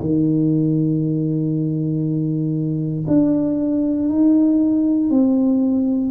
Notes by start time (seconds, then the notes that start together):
0.00 D#3
3.07 D4
4.09 D#4
5.10 C4